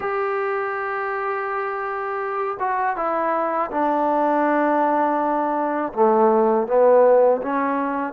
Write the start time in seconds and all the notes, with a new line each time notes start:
0.00 G4
2.59 F#4
2.96 E4
3.70 D4
5.93 A3
6.67 B3
7.41 C#4